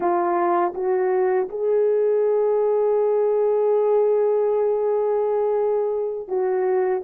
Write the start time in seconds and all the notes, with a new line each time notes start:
0.00 F4
0.74 F#4
1.48 G#4
6.28 F#4